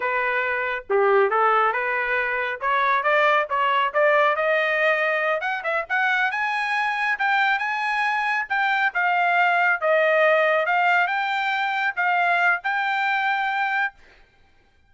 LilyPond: \new Staff \with { instrumentName = "trumpet" } { \time 4/4 \tempo 4 = 138 b'2 g'4 a'4 | b'2 cis''4 d''4 | cis''4 d''4 dis''2~ | dis''8 fis''8 e''8 fis''4 gis''4.~ |
gis''8 g''4 gis''2 g''8~ | g''8 f''2 dis''4.~ | dis''8 f''4 g''2 f''8~ | f''4 g''2. | }